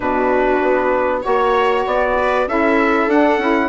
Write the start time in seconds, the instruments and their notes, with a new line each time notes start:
0.00 bassoon B2, saxophone D4, viola F#4, trumpet B4
0.62 bassoon B3
1.22 bassoon A#3, saxophone F#4, viola C#5, trumpet C#5
1.86 bassoon B3, trumpet D5
2.17 viola B4
2.47 bassoon C#4, saxophone E4, viola A4, trumpet E5
3.07 bassoon D4, saxophone D4, trumpet F#5
3.37 bassoon C#4, saxophone E4